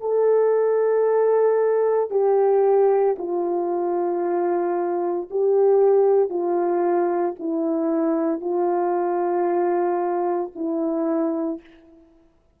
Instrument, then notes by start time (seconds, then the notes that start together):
horn
0.00 A4
2.10 G4
3.18 F4
5.30 G4
6.29 F4
7.39 E4
8.40 F4
10.55 E4